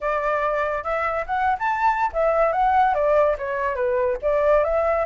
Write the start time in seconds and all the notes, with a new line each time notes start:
0.00 D5
0.83 E5
1.26 F#5
1.58 A5
2.12 E5
2.52 F#5
2.94 D5
3.37 C#5
3.75 B4
4.22 D5
4.63 E5